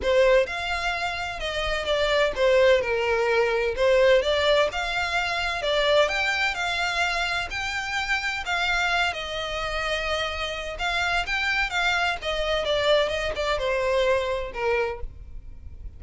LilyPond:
\new Staff \with { instrumentName = "violin" } { \time 4/4 \tempo 4 = 128 c''4 f''2 dis''4 | d''4 c''4 ais'2 | c''4 d''4 f''2 | d''4 g''4 f''2 |
g''2 f''4. dis''8~ | dis''2. f''4 | g''4 f''4 dis''4 d''4 | dis''8 d''8 c''2 ais'4 | }